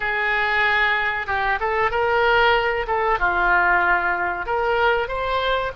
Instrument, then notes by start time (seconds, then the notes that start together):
oboe
0.00 G#4
1.26 G4
1.60 A4
1.90 A#4
2.87 A4
3.19 F4
4.46 A#4
5.07 C5